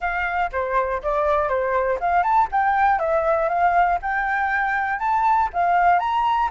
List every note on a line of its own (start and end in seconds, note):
0.00 0.50 F5
0.52 1.02 C5
1.02 1.48 D5
1.48 1.98 C5
2.00 2.23 F5
2.23 2.48 A5
2.51 2.99 G5
2.99 3.48 E5
3.48 3.98 F5
4.01 4.99 G5
4.99 5.49 A5
5.53 5.99 F5
5.99 6.49 A#5